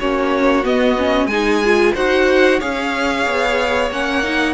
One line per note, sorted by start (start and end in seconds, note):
0.00 0.65 A#3
0.00 0.64 C#4
0.00 1.29 F#4
0.00 0.65 C#5
0.64 0.97 B3
0.64 1.26 B3
0.64 1.27 D#5
0.97 1.30 C#4
1.26 1.91 G#3
1.26 1.64 D#4
1.26 1.94 G#4
1.26 1.93 G#5
1.64 1.96 F4
1.94 2.61 D#4
1.94 2.61 F#4
1.94 2.60 C5
1.94 2.61 F#5
2.60 3.27 C#4
2.60 3.91 G#4
2.60 4.54 C#5
2.60 3.91 F5
3.27 3.91 B3
3.91 4.54 A#3
3.91 4.23 C#4
3.91 4.54 F#5
4.23 4.54 D#4